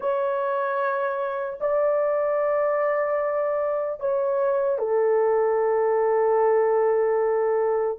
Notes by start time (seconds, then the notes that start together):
0.00 C#5
1.60 D5
4.00 C#5
4.78 A4